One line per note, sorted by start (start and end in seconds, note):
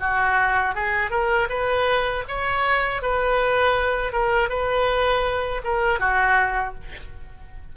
0.00 0.75 F#4
0.75 1.11 G#4
1.11 1.48 A#4
1.49 2.24 B4
2.28 3.02 C#5
3.02 4.12 B4
4.12 4.50 A#4
4.50 5.62 B4
5.64 6.00 A#4
6.00 6.75 F#4